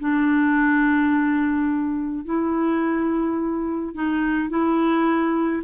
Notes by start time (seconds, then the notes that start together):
0.00 D4
2.25 E4
3.95 D#4
4.50 E4